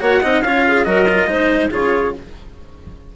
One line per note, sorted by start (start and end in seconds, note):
0.00 0.22 A#3
0.00 0.21 F#4
0.00 0.21 C#5
0.00 0.42 F#5
0.21 0.43 C4
0.21 0.44 D#4
0.21 0.43 D#5
0.42 0.85 C#4
0.42 0.85 F4
0.42 0.66 C#5
0.42 0.85 F5
0.67 0.87 G#4
0.85 1.26 F#3
0.85 1.06 F#4
0.85 1.29 A#4
0.85 1.70 D#5
1.09 1.27 F4
1.26 1.69 G#3
1.26 1.70 D#4
1.26 1.70 C5
1.70 2.15 C#3
1.70 2.13 F4
1.70 2.13 G#4
1.70 2.15 C#5